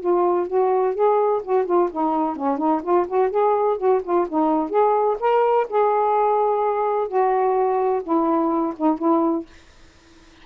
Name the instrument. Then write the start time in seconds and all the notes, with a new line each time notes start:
saxophone
0.00 F4
0.47 F#4
0.94 G#4
1.43 F#4
1.66 F4
1.91 D#4
2.36 C#4
2.58 D#4
2.82 F4
3.07 F#4
3.30 G#4
3.78 F#4
4.03 F4
4.28 D#4
4.70 G#4
5.20 A#4
5.69 G#4
7.08 F#4
8.03 E4
8.77 D#4
8.98 E4